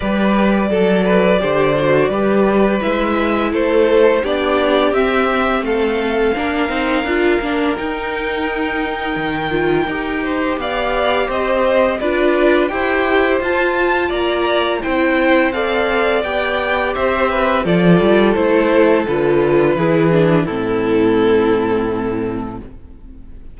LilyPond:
<<
  \new Staff \with { instrumentName = "violin" } { \time 4/4 \tempo 4 = 85 d''1 | e''4 c''4 d''4 e''4 | f''2. g''4~ | g''2. f''4 |
dis''4 d''4 g''4 a''4 | ais''4 g''4 f''4 g''4 | e''4 d''4 c''4 b'4~ | b'4 a'2. | }
  \new Staff \with { instrumentName = "violin" } { \time 4/4 b'4 a'8 b'8 c''4 b'4~ | b'4 a'4 g'2 | a'4 ais'2.~ | ais'2~ ais'8 c''8 d''4 |
c''4 b'4 c''2 | d''4 c''4 d''2 | c''8 b'8 a'2. | gis'4 e'2. | }
  \new Staff \with { instrumentName = "viola" } { \time 4/4 g'4 a'4 g'8 fis'8 g'4 | e'2 d'4 c'4~ | c'4 d'8 dis'8 f'8 d'8 dis'4~ | dis'4. f'8 g'2~ |
g'4 f'4 g'4 f'4~ | f'4 e'4 a'4 g'4~ | g'4 f'4 e'4 f'4 | e'8 d'8 c'2. | }
  \new Staff \with { instrumentName = "cello" } { \time 4/4 g4 fis4 d4 g4 | gis4 a4 b4 c'4 | a4 ais8 c'8 d'8 ais8 dis'4~ | dis'4 dis4 dis'4 b4 |
c'4 d'4 e'4 f'4 | ais4 c'2 b4 | c'4 f8 g8 a4 d4 | e4 a,2. | }
>>